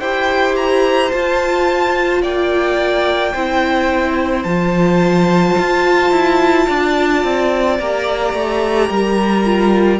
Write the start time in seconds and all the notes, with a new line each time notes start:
0.00 E4 G4 C5 G5
0.56 A#5
1.11 F4 A5
2.22 A#3 D5 G5
3.33 C4 E4 C5
4.44 F3 F4 A5
5.59 F4
6.12 E4
6.68 D4 D5
7.24 C4
7.80 A#3 G4 A#5
8.34 A3
8.89 G3 A#4
9.45 F4